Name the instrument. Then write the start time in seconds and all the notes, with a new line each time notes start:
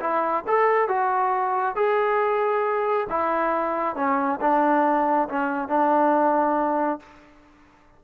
trombone
0.00 E4
0.47 A4
0.88 F#4
1.76 G#4
3.09 E4
3.96 C#4
4.41 D4
5.29 C#4
5.68 D4